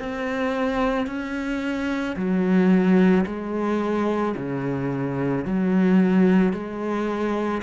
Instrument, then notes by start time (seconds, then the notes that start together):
cello
0.00 C4
1.07 C#4
2.17 F#3
3.27 G#3
4.37 C#3
5.45 F#3
6.54 G#3